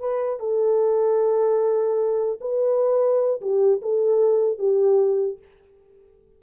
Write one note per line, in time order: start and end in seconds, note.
0.00 0.40 B4
0.40 2.40 A4
2.41 3.41 B4
3.42 3.82 G4
3.82 4.59 A4
4.59 5.39 G4